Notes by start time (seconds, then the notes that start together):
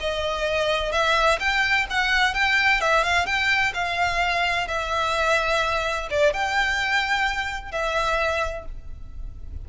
0.00 D#5
0.92 E5
1.39 G5
1.90 F#5
2.34 G5
2.81 E5
3.04 F5
3.26 G5
3.74 F5
4.68 E5
6.10 D5
6.33 G5
7.72 E5